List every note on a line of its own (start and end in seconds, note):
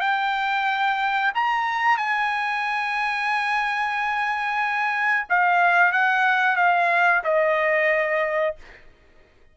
0.00 1.32 G5
1.35 1.97 A#5
1.97 5.27 G#5
5.29 5.92 F5
5.92 6.56 F#5
6.56 7.22 F5
7.23 8.55 D#5